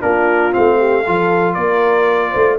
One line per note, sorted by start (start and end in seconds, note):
0.00 0.54 A#3
0.00 0.51 D4
0.00 0.78 F4
0.00 0.52 A#4
0.51 1.07 A3
0.51 1.03 C4
0.51 1.54 F5
0.78 1.04 G4
1.06 1.56 F3
1.06 2.59 F4
1.06 1.54 A4
1.54 2.33 A#3
1.54 2.31 A#4
1.54 2.56 D5
2.31 2.59 A3
2.31 2.56 C5